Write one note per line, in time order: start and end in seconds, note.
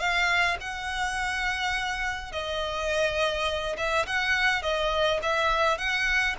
0.00 0.58 F5
0.61 2.33 F#5
2.33 3.77 D#5
3.78 4.06 E5
4.07 4.63 F#5
4.63 5.21 D#5
5.23 5.78 E5
5.78 6.36 F#5